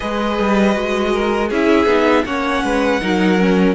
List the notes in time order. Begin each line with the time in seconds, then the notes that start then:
0.00 G#3 G#4 B4 D#5
0.39 G3
0.73 G#3 F#4
1.13 A#4
1.49 C#4 E4 G#4 E5
1.86 B3 D#4
2.24 A#3 C#4 C#5 F#5
2.63 G#3 B4
3.00 F#3 D#4 A#4
3.38 C#4